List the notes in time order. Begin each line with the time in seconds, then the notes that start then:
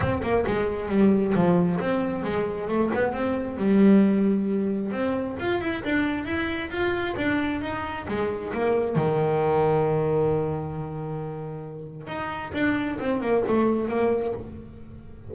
0.00 C4
0.22 A#3
0.46 G#3
0.88 G3
1.34 F3
1.80 C4
2.23 G#3
2.68 A3
2.93 B3
3.12 C4
3.57 G3
4.91 C4
5.39 F4
5.61 E4
5.84 D4
6.25 E4
6.70 F4
7.16 D4
7.61 D#4
8.08 G#3
8.53 A#3
8.95 D#3
12.07 D#4
12.53 D4
12.99 C4
13.21 A#3
13.48 A3
13.88 A#3